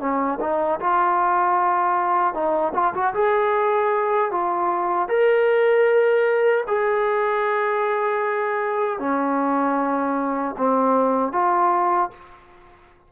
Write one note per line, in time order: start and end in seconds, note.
0.00 0.39 C#4
0.41 0.80 D#4
0.80 2.34 F4
2.34 2.73 D#4
2.74 2.94 F4
2.94 3.14 F#4
3.14 4.31 G#4
4.31 5.08 F4
5.08 6.64 A#4
6.67 8.99 G#4
8.99 10.55 C#4
10.58 11.32 C4
11.32 12.10 F4